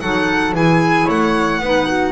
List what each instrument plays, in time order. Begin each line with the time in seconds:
0.00 double bass F#3, clarinet D#4, flute A4, violin F#5
0.52 double bass E3, clarinet E4, flute G#4, violin G#5
1.06 double bass A3, flute C#5, violin F#5
1.59 double bass B3, clarinet D#4, flute B4
1.87 flute F#4